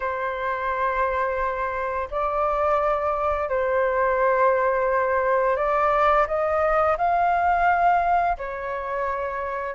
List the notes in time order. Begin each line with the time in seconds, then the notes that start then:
0.00 C5
2.11 D5
3.49 C5
5.56 D5
6.27 D#5
6.97 F5
8.37 C#5